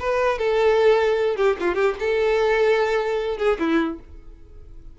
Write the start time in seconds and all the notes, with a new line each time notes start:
0.00 B4
0.39 A4
1.37 G4
1.61 F4
1.75 G4
2.00 A4
3.38 G#4
3.59 E4